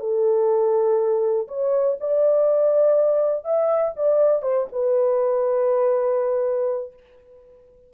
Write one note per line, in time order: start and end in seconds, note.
0.00 1.48 A4
1.48 1.97 C#5
2.00 3.45 D5
3.45 3.94 E5
3.96 4.43 D5
4.43 4.67 C5
4.72 6.94 B4